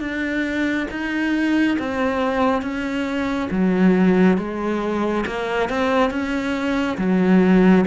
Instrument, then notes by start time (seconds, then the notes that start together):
cello
0.00 D4
0.91 D#4
1.79 C4
2.62 C#4
3.51 F#3
4.38 G#3
5.26 A#3
5.69 C4
6.10 C#4
6.98 F#3